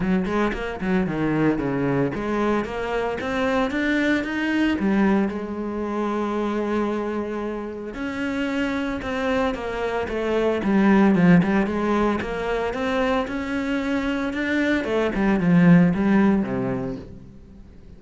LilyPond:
\new Staff \with { instrumentName = "cello" } { \time 4/4 \tempo 4 = 113 fis8 gis8 ais8 fis8 dis4 cis4 | gis4 ais4 c'4 d'4 | dis'4 g4 gis2~ | gis2. cis'4~ |
cis'4 c'4 ais4 a4 | g4 f8 g8 gis4 ais4 | c'4 cis'2 d'4 | a8 g8 f4 g4 c4 | }